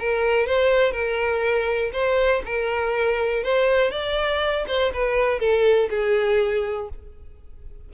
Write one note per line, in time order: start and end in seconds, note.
0.00 0.47 A#4
0.47 0.92 C5
0.92 1.92 A#4
1.93 2.43 C5
2.46 3.44 A#4
3.44 3.92 C5
3.92 4.66 D5
4.68 4.92 C5
4.94 5.40 B4
5.40 5.89 A4
5.90 6.89 G#4